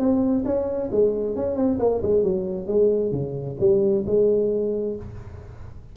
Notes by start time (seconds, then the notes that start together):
0.00 C4
0.46 C#4
0.92 G#3
1.37 C#4
1.56 C4
1.80 A#3
2.03 G#3
2.24 F#3
2.68 G#3
3.12 C#3
3.60 G3
4.07 G#3